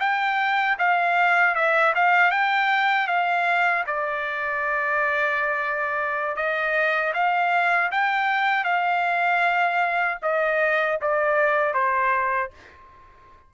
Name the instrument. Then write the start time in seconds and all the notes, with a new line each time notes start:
trumpet
0.00 G5
0.79 F5
1.55 E5
1.95 F5
2.31 G5
3.07 F5
3.87 D5
6.36 D#5
7.14 F5
7.92 G5
8.65 F5
10.22 D#5
11.01 D5
11.74 C5